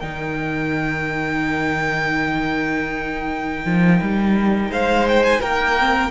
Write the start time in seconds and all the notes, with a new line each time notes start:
0.00 D#3 D#4 A#4 G5
3.65 F3
4.02 G3
4.70 G#3 C5 F5
5.08 G5
5.24 G#5
5.41 A#3 A#4 G5
5.79 C4